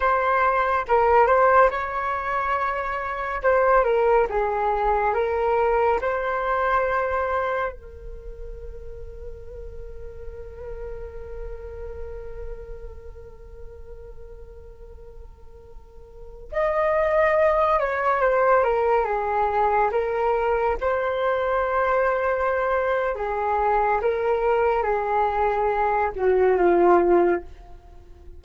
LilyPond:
\new Staff \with { instrumentName = "flute" } { \time 4/4 \tempo 4 = 70 c''4 ais'8 c''8 cis''2 | c''8 ais'8 gis'4 ais'4 c''4~ | c''4 ais'2.~ | ais'1~ |
ais'2.~ ais'16 dis''8.~ | dis''8. cis''8 c''8 ais'8 gis'4 ais'8.~ | ais'16 c''2~ c''8. gis'4 | ais'4 gis'4. fis'8 f'4 | }